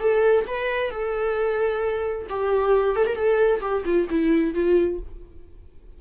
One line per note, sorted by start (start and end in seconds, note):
0.00 0.45 A4
0.47 0.91 B4
0.91 2.27 A4
2.30 2.96 G4
2.96 3.07 A4
3.07 3.15 A#4
3.15 3.61 A4
3.61 3.84 G4
3.85 4.08 F4
4.10 4.54 E4
4.54 5.00 F4